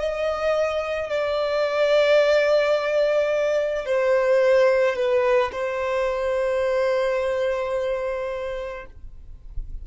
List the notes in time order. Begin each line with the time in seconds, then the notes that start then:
0.00 D#5
1.10 D5
3.86 C5
4.96 B4
5.53 C5